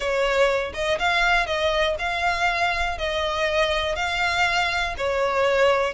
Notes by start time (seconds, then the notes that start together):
0.00 C#5
0.73 D#5
0.98 F5
1.46 D#5
1.99 F5
2.98 D#5
3.95 F5
4.97 C#5